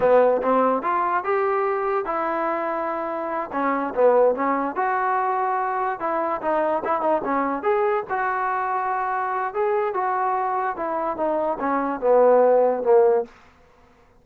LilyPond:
\new Staff \with { instrumentName = "trombone" } { \time 4/4 \tempo 4 = 145 b4 c'4 f'4 g'4~ | g'4 e'2.~ | e'8 cis'4 b4 cis'4 fis'8~ | fis'2~ fis'8 e'4 dis'8~ |
dis'8 e'8 dis'8 cis'4 gis'4 fis'8~ | fis'2. gis'4 | fis'2 e'4 dis'4 | cis'4 b2 ais4 | }